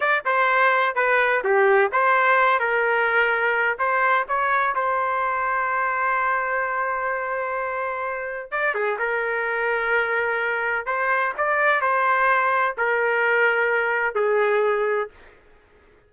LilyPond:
\new Staff \with { instrumentName = "trumpet" } { \time 4/4 \tempo 4 = 127 d''8 c''4. b'4 g'4 | c''4. ais'2~ ais'8 | c''4 cis''4 c''2~ | c''1~ |
c''2 d''8 gis'8 ais'4~ | ais'2. c''4 | d''4 c''2 ais'4~ | ais'2 gis'2 | }